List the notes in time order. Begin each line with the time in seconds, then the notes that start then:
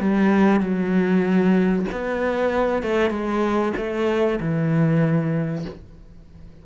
0.00 G3
0.60 F#3
1.91 B3
2.82 A3
3.10 G#3
3.77 A3
4.40 E3